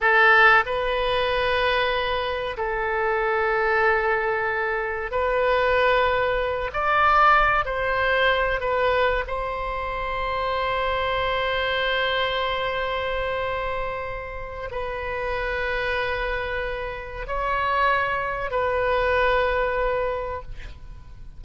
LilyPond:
\new Staff \with { instrumentName = "oboe" } { \time 4/4 \tempo 4 = 94 a'4 b'2. | a'1 | b'2~ b'8 d''4. | c''4. b'4 c''4.~ |
c''1~ | c''2. b'4~ | b'2. cis''4~ | cis''4 b'2. | }